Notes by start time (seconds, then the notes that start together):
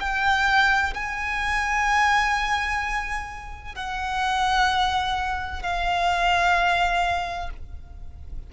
0.00 G5
0.94 G#5
3.75 F#5
5.62 F5